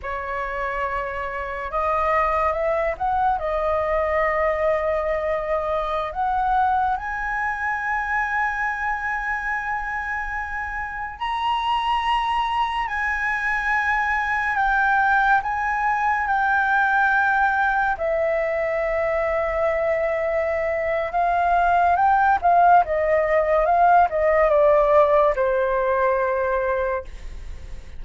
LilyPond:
\new Staff \with { instrumentName = "flute" } { \time 4/4 \tempo 4 = 71 cis''2 dis''4 e''8 fis''8 | dis''2.~ dis''16 fis''8.~ | fis''16 gis''2.~ gis''8.~ | gis''4~ gis''16 ais''2 gis''8.~ |
gis''4~ gis''16 g''4 gis''4 g''8.~ | g''4~ g''16 e''2~ e''8.~ | e''4 f''4 g''8 f''8 dis''4 | f''8 dis''8 d''4 c''2 | }